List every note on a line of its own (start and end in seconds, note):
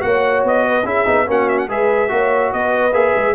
0.00 0.44 A#3
0.00 0.83 F#4
0.00 0.66 C#5
0.00 0.43 F#5
0.44 0.85 B3
0.44 0.87 D#5
0.66 0.86 B4
0.85 1.06 C#4
0.85 1.06 E4
0.85 1.27 G#4
0.85 1.29 E5
1.06 1.27 B3
1.06 1.26 D#4
1.27 1.68 A#3
1.27 1.69 C#4
1.27 1.69 F#4
1.27 1.49 F#5
1.49 1.58 E5
1.58 1.69 F#5
1.68 2.10 G#3
1.68 2.08 G#4
1.68 2.11 B4
1.68 2.53 E5
2.08 2.53 A#3
2.08 2.92 F#4
2.08 2.52 C#5
2.52 2.93 B3
2.52 3.35 B4
2.52 2.93 D#5
2.93 3.13 A#3
2.93 3.35 G#4
2.93 3.35 E5
3.16 3.35 G#3